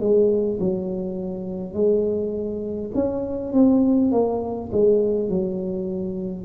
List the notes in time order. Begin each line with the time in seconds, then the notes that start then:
0.00 G#3
0.60 F#3
1.74 G#3
2.95 C#4
3.53 C4
4.12 A#3
4.72 G#3
5.29 F#3